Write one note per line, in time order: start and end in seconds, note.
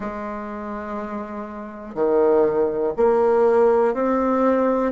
0.00 1.94 G#3
1.94 2.93 D#3
2.96 3.93 A#3
3.93 4.91 C4